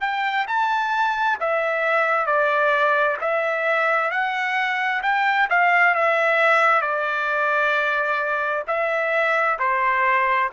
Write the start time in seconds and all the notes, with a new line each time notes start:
0.00 G5
0.47 A5
1.40 E5
2.26 D5
3.20 E5
4.10 F#5
5.02 G5
5.49 F5
5.94 E5
6.81 D5
8.67 E5
9.59 C5